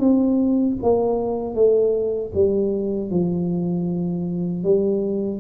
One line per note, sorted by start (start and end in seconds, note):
0.00 0.77 C4
0.83 1.55 A#3
1.55 2.32 A3
2.35 3.11 G3
3.11 4.64 F3
4.64 5.40 G3